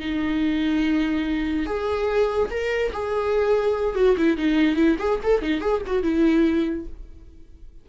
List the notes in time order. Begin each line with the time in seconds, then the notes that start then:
0.00 D#4
1.66 G#4
2.51 A#4
2.93 G#4
3.96 F#4
4.17 E4
4.37 D#4
4.77 E4
4.99 G#4
5.23 A4
5.42 D#4
5.61 G#4
5.87 F#4
6.03 E4